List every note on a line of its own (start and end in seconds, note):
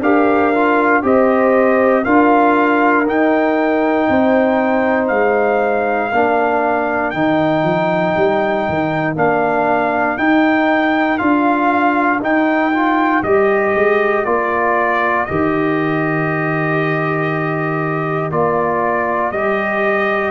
0.00 1.02 D4
0.00 0.53 G4
0.00 1.04 A#4
0.00 1.04 F5
0.54 1.02 F4
1.02 2.05 C4
1.02 2.04 G4
1.02 2.04 C5
1.02 2.04 D#5
2.04 3.07 D4
2.04 3.06 F4
2.04 4.08 A#4
2.04 3.06 F5
3.07 4.08 D#4
3.07 6.12 D#4
3.07 5.07 G5
4.09 5.10 C4
4.09 6.13 C5
5.07 6.11 G#3
5.07 7.10 F5
6.12 7.13 A#3
6.12 7.14 D4
6.12 20.31 A#4
7.10 7.63 D#3
7.10 9.16 D#4
7.10 9.14 G5
7.63 8.14 F3
8.16 8.67 G3
8.69 9.15 D#3
9.15 10.17 A#3
9.15 10.17 D4
9.15 10.17 F5
10.17 11.18 D#4
10.17 11.20 D#4
10.17 11.18 G5
11.18 12.20 D4
11.18 12.20 F4
11.18 12.20 F5
12.20 13.22 D#4
12.20 12.72 D#4
12.20 13.23 G5
12.73 13.24 F4
13.22 13.73 G3
13.22 14.25 G4
13.22 14.25 D#5
13.74 14.25 G#3
14.25 15.26 A#3
14.25 15.27 F4
14.25 15.25 D5
15.25 18.31 D#3
15.25 18.31 G4
15.25 18.30 D#5
18.31 19.32 A#3
18.31 19.33 F4
18.31 19.31 D5
19.31 20.31 G3
19.31 20.31 G4
19.31 20.31 D#5